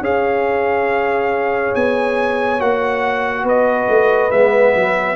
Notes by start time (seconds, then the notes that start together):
0.00 C#4 G#4 C#5 F5
1.75 B3 G#5
2.59 A#3 F#4 F#5
3.44 B3 B4 D#5
3.89 A3
4.31 G#3 B3 E5
4.75 F#3